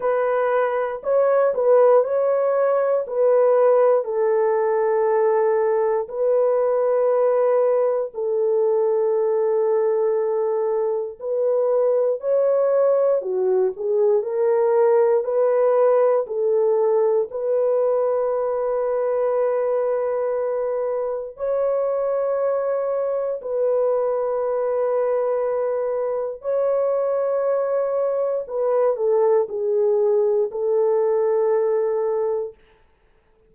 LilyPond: \new Staff \with { instrumentName = "horn" } { \time 4/4 \tempo 4 = 59 b'4 cis''8 b'8 cis''4 b'4 | a'2 b'2 | a'2. b'4 | cis''4 fis'8 gis'8 ais'4 b'4 |
a'4 b'2.~ | b'4 cis''2 b'4~ | b'2 cis''2 | b'8 a'8 gis'4 a'2 | }